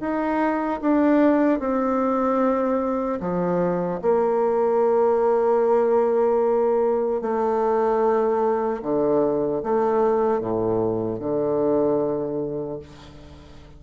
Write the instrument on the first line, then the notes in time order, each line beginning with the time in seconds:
bassoon
0.00 D#4
0.81 D4
1.59 C4
3.20 F3
4.02 A#3
7.21 A3
8.82 D3
9.63 A3
10.40 A2
11.19 D3